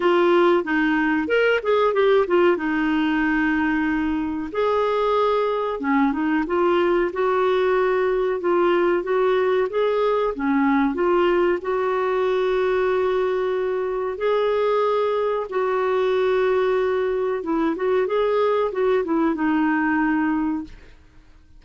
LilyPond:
\new Staff \with { instrumentName = "clarinet" } { \time 4/4 \tempo 4 = 93 f'4 dis'4 ais'8 gis'8 g'8 f'8 | dis'2. gis'4~ | gis'4 cis'8 dis'8 f'4 fis'4~ | fis'4 f'4 fis'4 gis'4 |
cis'4 f'4 fis'2~ | fis'2 gis'2 | fis'2. e'8 fis'8 | gis'4 fis'8 e'8 dis'2 | }